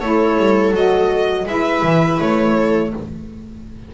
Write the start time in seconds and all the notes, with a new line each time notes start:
0.00 A3 E4 A4 C#5
0.37 G3
0.71 F#3 F#4 D#5
1.45 G#3 E4 B4 E5
1.82 E3
2.20 A3 C#5
2.55 A4